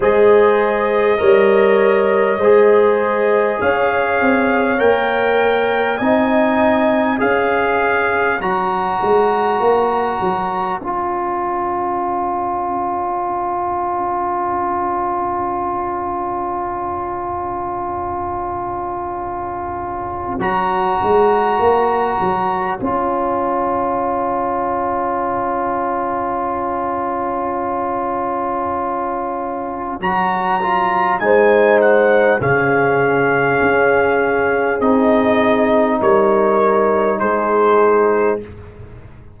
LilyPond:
<<
  \new Staff \with { instrumentName = "trumpet" } { \time 4/4 \tempo 4 = 50 dis''2. f''4 | g''4 gis''4 f''4 ais''4~ | ais''4 gis''2.~ | gis''1~ |
gis''4 ais''2 gis''4~ | gis''1~ | gis''4 ais''4 gis''8 fis''8 f''4~ | f''4 dis''4 cis''4 c''4 | }
  \new Staff \with { instrumentName = "horn" } { \time 4/4 c''4 cis''4 c''4 cis''4~ | cis''4 dis''4 cis''2~ | cis''1~ | cis''1~ |
cis''1~ | cis''1~ | cis''2 c''4 gis'4~ | gis'2 ais'4 gis'4 | }
  \new Staff \with { instrumentName = "trombone" } { \time 4/4 gis'4 ais'4 gis'2 | ais'4 dis'4 gis'4 fis'4~ | fis'4 f'2.~ | f'1~ |
f'4 fis'2 f'4~ | f'1~ | f'4 fis'8 f'8 dis'4 cis'4~ | cis'4 dis'2. | }
  \new Staff \with { instrumentName = "tuba" } { \time 4/4 gis4 g4 gis4 cis'8 c'8 | ais4 c'4 cis'4 fis8 gis8 | ais8 fis8 cis'2.~ | cis'1~ |
cis'4 fis8 gis8 ais8 fis8 cis'4~ | cis'1~ | cis'4 fis4 gis4 cis4 | cis'4 c'4 g4 gis4 | }
>>